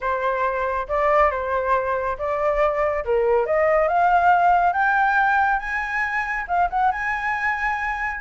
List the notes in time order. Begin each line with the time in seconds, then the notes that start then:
0.00 C5
0.88 D5
1.30 C5
2.18 D5
3.04 A#4
3.46 D#5
3.88 F5
4.72 G5
5.59 G#5
6.47 F5
6.70 F#5
6.91 G#5